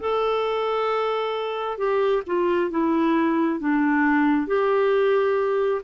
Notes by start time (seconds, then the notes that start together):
0.00 A4
1.77 G4
2.26 F4
2.70 E4
3.59 D4
4.47 G4